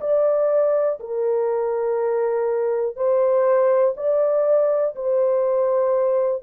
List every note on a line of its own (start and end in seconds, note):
0.00 0.98 D5
0.99 2.96 A#4
2.96 3.94 C5
3.96 4.94 D5
4.95 6.42 C5